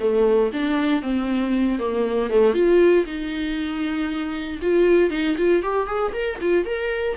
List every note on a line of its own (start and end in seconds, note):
0.00 0.51 A3
0.53 1.02 D4
1.02 1.79 C4
1.79 2.30 A#3
2.30 2.54 A3
2.54 3.05 F4
3.06 4.60 D#4
4.62 5.11 F4
5.11 5.36 D#4
5.38 5.63 F4
5.63 5.87 G4
5.87 6.13 G#4
6.13 6.39 A#4
6.41 6.66 F4
6.66 7.17 A#4